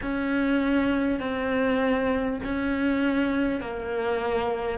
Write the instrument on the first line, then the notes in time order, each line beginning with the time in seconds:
cello
0.02 C#4
1.19 C4
2.43 C#4
3.61 A#3